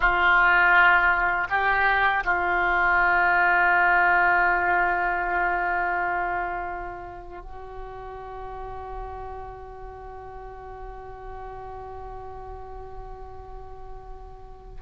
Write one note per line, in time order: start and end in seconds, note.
0.00 1.47 F4
1.49 2.23 G4
2.24 7.42 F4
7.42 14.81 F#4